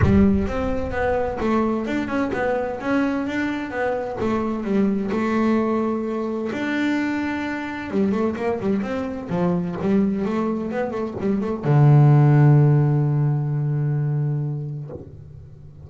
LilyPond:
\new Staff \with { instrumentName = "double bass" } { \time 4/4 \tempo 4 = 129 g4 c'4 b4 a4 | d'8 cis'8 b4 cis'4 d'4 | b4 a4 g4 a4~ | a2 d'2~ |
d'4 g8 a8 ais8 g8 c'4 | f4 g4 a4 b8 a8 | g8 a8 d2.~ | d1 | }